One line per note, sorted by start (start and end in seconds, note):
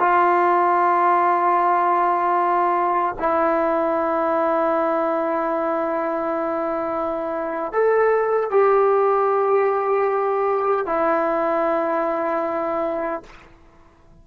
0.00 3.16 F4
3.19 7.73 E4
7.73 8.51 A4
8.51 10.86 G4
10.86 13.23 E4